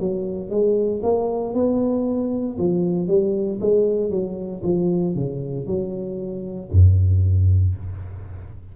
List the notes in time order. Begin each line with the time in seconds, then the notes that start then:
0.00 F#3
0.50 G#3
1.03 A#3
1.54 B3
2.58 F3
3.08 G3
3.61 G#3
4.11 F#3
4.63 F3
5.15 C#3
5.67 F#3
6.72 F#2